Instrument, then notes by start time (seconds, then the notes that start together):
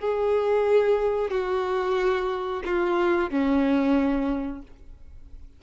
violin
0.00 G#4
1.31 F#4
2.65 F4
3.31 C#4